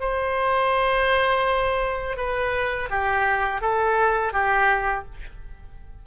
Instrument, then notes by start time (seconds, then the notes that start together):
oboe
0.00 C5
2.17 B4
2.90 G4
3.61 A4
4.33 G4